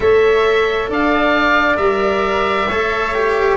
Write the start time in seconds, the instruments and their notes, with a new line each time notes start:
0.00 tuba A3, cello A4, flute C#5, oboe E5
0.88 tuba D4, flute D5, oboe F5
1.76 tuba G3, cello A#4, oboe E5
2.68 tuba A3, cello A4, flute C#5
3.14 cello G4